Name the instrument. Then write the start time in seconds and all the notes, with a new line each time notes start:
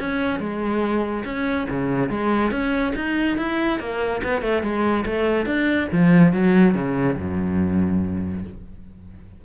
cello
0.00 C#4
0.40 G#3
1.25 C#4
1.70 C#3
2.10 G#3
2.51 C#4
2.96 D#4
3.38 E4
3.80 A#3
4.24 B3
4.42 A3
4.63 G#3
5.06 A3
5.46 D4
5.92 F3
6.33 F#3
6.75 C#3
7.18 F#2